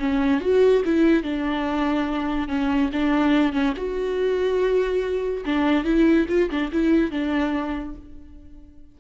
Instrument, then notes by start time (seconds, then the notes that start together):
viola
0.00 C#4
0.41 F#4
0.85 E4
1.23 D4
2.49 C#4
2.93 D4
3.53 C#4
3.77 F#4
5.46 D4
5.85 E4
6.29 F4
6.51 D4
6.72 E4
7.11 D4